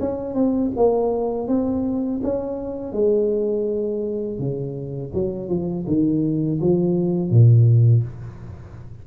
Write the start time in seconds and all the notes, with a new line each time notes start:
0.00 C#4
0.34 C4
0.76 A#3
1.48 C4
2.23 C#4
2.93 G#3
4.39 C#3
5.14 F#3
5.49 F3
5.87 D#3
6.61 F3
7.31 A#2